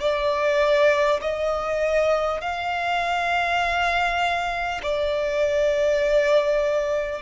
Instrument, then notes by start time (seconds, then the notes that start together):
violin
0.00 D5
1.21 D#5
2.41 F5
4.82 D5